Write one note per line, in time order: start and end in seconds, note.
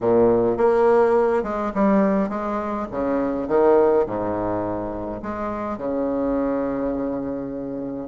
0.00 0.57 A#2
0.57 1.43 A#3
1.43 1.72 G#3
1.74 2.29 G3
2.29 2.87 G#3
2.91 3.48 C#3
3.48 4.05 D#3
4.06 5.21 G#2
5.22 5.77 G#3
5.77 8.08 C#3